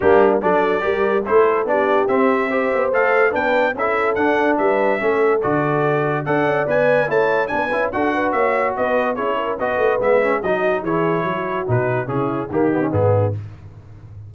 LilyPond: <<
  \new Staff \with { instrumentName = "trumpet" } { \time 4/4 \tempo 4 = 144 g'4 d''2 c''4 | d''4 e''2 f''4 | g''4 e''4 fis''4 e''4~ | e''4 d''2 fis''4 |
gis''4 a''4 gis''4 fis''4 | e''4 dis''4 cis''4 dis''4 | e''4 dis''4 cis''2 | b'4 gis'4 g'4 gis'4 | }
  \new Staff \with { instrumentName = "horn" } { \time 4/4 d'4 a'4 ais'4 a'4 | g'2 c''2 | b'4 a'2 b'4 | a'2. d''4~ |
d''4 cis''4 b'4 a'8 b'8 | cis''4 b'4 gis'8 ais'8 b'4~ | b'4 fis'4 gis'4 fis'4~ | fis'4 e'4 dis'2 | }
  \new Staff \with { instrumentName = "trombone" } { \time 4/4 ais4 d'4 g'4 e'4 | d'4 c'4 g'4 a'4 | d'4 e'4 d'2 | cis'4 fis'2 a'4 |
b'4 e'4 d'8 e'8 fis'4~ | fis'2 e'4 fis'4 | b8 cis'8 dis'4 e'2 | dis'4 cis'4 ais8 b16 cis'16 b4 | }
  \new Staff \with { instrumentName = "tuba" } { \time 4/4 g4 fis4 g4 a4 | b4 c'4. b8 a4 | b4 cis'4 d'4 g4 | a4 d2 d'8 cis'8 |
b4 a4 b8 cis'8 d'4 | ais4 b4 cis'4 b8 a8 | gis4 fis4 e4 fis4 | b,4 cis4 dis4 gis,4 | }
>>